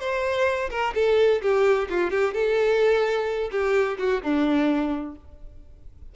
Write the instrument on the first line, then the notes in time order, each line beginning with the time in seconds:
violin
0.00 C5
0.71 A#4
0.95 A4
1.42 G4
1.90 F4
2.11 G4
2.34 A4
3.51 G4
3.99 F#4
4.23 D4